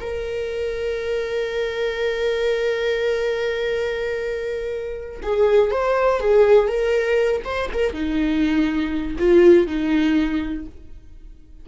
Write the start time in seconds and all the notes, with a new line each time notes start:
0.00 A#4
5.23 G#4
5.71 C5
6.20 G#4
6.68 A#4
7.45 C5
7.73 A#4
7.93 D#4
9.19 F4
9.67 D#4